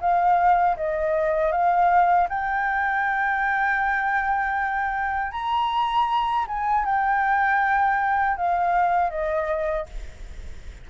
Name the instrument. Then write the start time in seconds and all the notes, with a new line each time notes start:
flute
0.00 F5
0.76 D#5
1.51 F5
2.29 G5
5.32 A#5
6.47 G#5
6.85 G5
8.36 F5
9.10 D#5